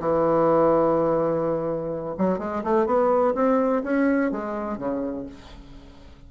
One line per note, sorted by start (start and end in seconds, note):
0.00 2.16 E3
2.18 2.39 F#3
2.39 2.63 G#3
2.64 2.86 A3
2.86 3.34 B3
3.35 3.83 C4
3.84 4.32 C#4
4.32 4.78 G#3
4.78 5.26 C#3